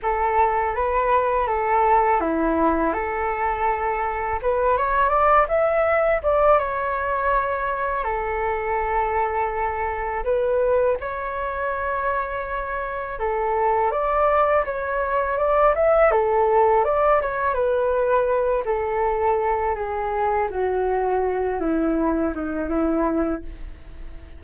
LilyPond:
\new Staff \with { instrumentName = "flute" } { \time 4/4 \tempo 4 = 82 a'4 b'4 a'4 e'4 | a'2 b'8 cis''8 d''8 e''8~ | e''8 d''8 cis''2 a'4~ | a'2 b'4 cis''4~ |
cis''2 a'4 d''4 | cis''4 d''8 e''8 a'4 d''8 cis''8 | b'4. a'4. gis'4 | fis'4. e'4 dis'8 e'4 | }